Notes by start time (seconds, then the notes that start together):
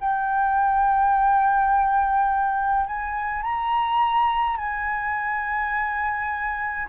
0.00 G5
2.87 G#5
3.43 A#5
4.57 G#5